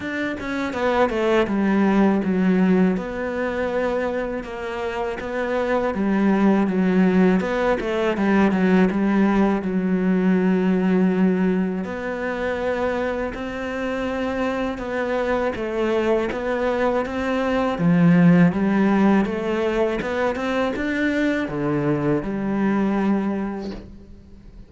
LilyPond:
\new Staff \with { instrumentName = "cello" } { \time 4/4 \tempo 4 = 81 d'8 cis'8 b8 a8 g4 fis4 | b2 ais4 b4 | g4 fis4 b8 a8 g8 fis8 | g4 fis2. |
b2 c'2 | b4 a4 b4 c'4 | f4 g4 a4 b8 c'8 | d'4 d4 g2 | }